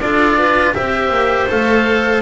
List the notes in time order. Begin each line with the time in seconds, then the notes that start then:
0.00 D4 F4 A4 D5
0.38 B4
0.74 C4 G4 C5 E5
1.10 A#3
1.49 A3 A4 F5